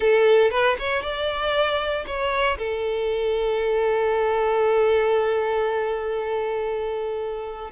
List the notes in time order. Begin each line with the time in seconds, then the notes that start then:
0.00 A4
0.50 B4
0.79 C#5
1.02 D5
2.06 C#5
2.58 A4